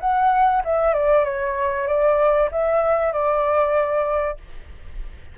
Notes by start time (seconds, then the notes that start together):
0.00 F#5
0.64 E5
0.93 D5
1.24 C#5
1.87 D5
2.51 E5
3.12 D5